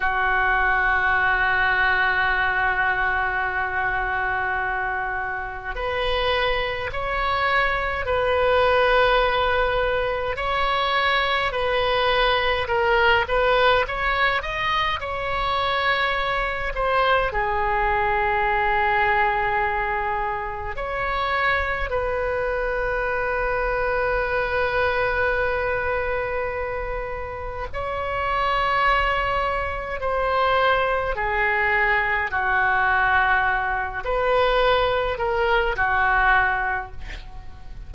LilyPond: \new Staff \with { instrumentName = "oboe" } { \time 4/4 \tempo 4 = 52 fis'1~ | fis'4 b'4 cis''4 b'4~ | b'4 cis''4 b'4 ais'8 b'8 | cis''8 dis''8 cis''4. c''8 gis'4~ |
gis'2 cis''4 b'4~ | b'1 | cis''2 c''4 gis'4 | fis'4. b'4 ais'8 fis'4 | }